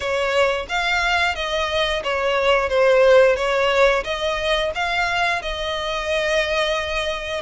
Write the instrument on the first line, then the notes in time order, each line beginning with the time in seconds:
violin
0.00 C#5
0.68 F5
1.35 D#5
2.03 C#5
2.69 C5
3.36 C#5
4.04 D#5
4.75 F5
5.42 D#5